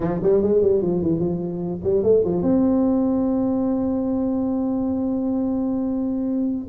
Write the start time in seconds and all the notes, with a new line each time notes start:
0.00 F3
0.22 G3
0.42 G#3
0.62 G3
0.81 F3
1.02 E3
1.19 F3
1.83 G3
2.03 A3
2.24 F3
2.42 C4